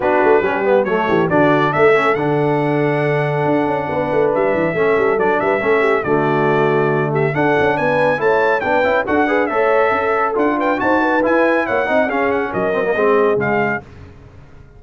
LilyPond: <<
  \new Staff \with { instrumentName = "trumpet" } { \time 4/4 \tempo 4 = 139 b'2 cis''4 d''4 | e''4 fis''2.~ | fis''2 e''2 | d''8 e''4. d''2~ |
d''8 e''8 fis''4 gis''4 a''4 | g''4 fis''4 e''2 | fis''8 g''8 a''4 gis''4 fis''4 | f''8 fis''8 dis''2 f''4 | }
  \new Staff \with { instrumentName = "horn" } { \time 4/4 fis'4 g'4 a'8 g'8 fis'4 | a'1~ | a'4 b'2 a'4~ | a'8 b'8 a'8 g'8 fis'2~ |
fis'8 g'8 a'4 b'4 cis''4 | b'4 a'8 b'8 cis''4 a'4~ | a'8 b'8 c''8 b'4. cis''8 dis''8 | gis'4 ais'4 gis'2 | }
  \new Staff \with { instrumentName = "trombone" } { \time 4/4 d'4 cis'8 b8 a4 d'4~ | d'8 cis'8 d'2.~ | d'2. cis'4 | d'4 cis'4 a2~ |
a4 d'2 e'4 | d'8 e'8 fis'8 gis'8 a'2 | f'4 fis'4 e'4. dis'8 | cis'4. c'16 ais16 c'4 gis4 | }
  \new Staff \with { instrumentName = "tuba" } { \time 4/4 b8 a8 g4 fis8 e8 d4 | a4 d2. | d'8 cis'8 b8 a8 g8 e8 a8 g8 | fis8 g8 a4 d2~ |
d4 d'8 cis'8 b4 a4 | b8 cis'8 d'4 a4 cis'4 | d'4 dis'4 e'4 ais8 c'8 | cis'4 fis4 gis4 cis4 | }
>>